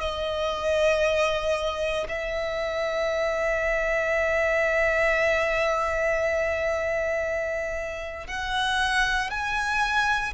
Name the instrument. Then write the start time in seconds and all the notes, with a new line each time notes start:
violin
0.00 D#5
2.08 E5
8.27 F#5
9.30 G#5